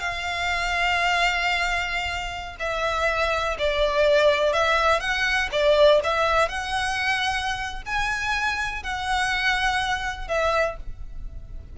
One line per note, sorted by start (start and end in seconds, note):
0.00 2.56 F5
2.59 3.57 E5
3.59 4.53 D5
4.53 5.00 E5
5.00 5.49 F#5
5.52 6.01 D5
6.04 6.49 E5
6.49 7.83 F#5
7.86 8.83 G#5
8.83 10.28 F#5
10.28 10.77 E5